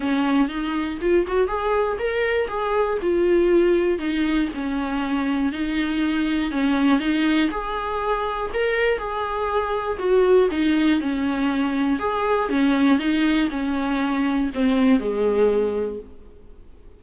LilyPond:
\new Staff \with { instrumentName = "viola" } { \time 4/4 \tempo 4 = 120 cis'4 dis'4 f'8 fis'8 gis'4 | ais'4 gis'4 f'2 | dis'4 cis'2 dis'4~ | dis'4 cis'4 dis'4 gis'4~ |
gis'4 ais'4 gis'2 | fis'4 dis'4 cis'2 | gis'4 cis'4 dis'4 cis'4~ | cis'4 c'4 gis2 | }